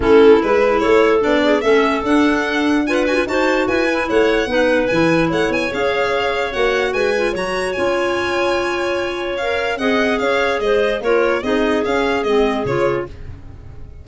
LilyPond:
<<
  \new Staff \with { instrumentName = "violin" } { \time 4/4 \tempo 4 = 147 a'4 b'4 cis''4 d''4 | e''4 fis''2 gis''16 fis''16 gis''8 | a''4 gis''4 fis''2 | gis''4 fis''8 gis''8 f''2 |
fis''4 gis''4 ais''4 gis''4~ | gis''2. f''4 | fis''4 f''4 dis''4 cis''4 | dis''4 f''4 dis''4 cis''4 | }
  \new Staff \with { instrumentName = "clarinet" } { \time 4/4 e'2 a'4. gis'8 | a'2. b'4 | c''4 b'4 cis''4 b'4~ | b'4 cis''2.~ |
cis''4 b'4 cis''2~ | cis''1 | dis''4 cis''4 c''4 ais'4 | gis'1 | }
  \new Staff \with { instrumentName = "clarinet" } { \time 4/4 cis'4 e'2 d'4 | cis'4 d'2 f'8 fis'16 f'16 | fis'4. e'4. dis'4 | e'2 gis'2 |
fis'4. f'8 fis'4 f'4~ | f'2. ais'4 | gis'2. f'4 | dis'4 cis'4 c'4 f'4 | }
  \new Staff \with { instrumentName = "tuba" } { \time 4/4 a4 gis4 a4 b4 | a4 d'2. | dis'4 e'4 a4 b4 | e4 a8 b8 cis'2 |
ais4 gis4 fis4 cis'4~ | cis'1 | c'4 cis'4 gis4 ais4 | c'4 cis'4 gis4 cis4 | }
>>